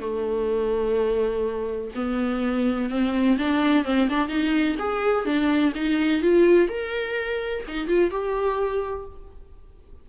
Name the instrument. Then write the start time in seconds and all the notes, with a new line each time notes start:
viola
0.00 A3
1.95 B3
2.90 C4
3.38 D4
3.84 C4
4.09 D4
4.28 D#4
4.79 G#4
5.25 D4
5.75 D#4
6.22 F4
6.68 A#4
7.67 D#4
7.87 F4
8.10 G4